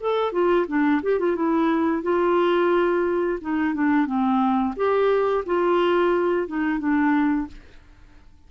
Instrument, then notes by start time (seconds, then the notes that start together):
clarinet
0.00 A4
0.32 F4
0.67 D4
1.03 G4
1.19 F4
1.36 E4
2.03 F4
3.41 D#4
3.74 D4
4.06 C4
4.76 G4
5.46 F4
6.47 D#4
6.79 D4